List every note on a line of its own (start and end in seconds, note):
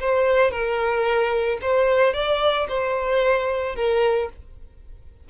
0.00 0.51 C5
0.51 1.58 A#4
1.61 2.13 C5
2.13 2.67 D5
2.68 3.75 C5
3.76 4.29 A#4